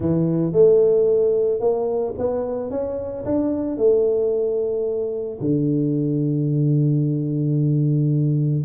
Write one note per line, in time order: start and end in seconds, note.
0.00 0.52 E3
0.52 1.60 A3
1.60 2.14 A#3
2.18 2.70 B3
2.70 3.24 C#4
3.25 3.77 D4
3.77 5.39 A3
5.40 8.64 D3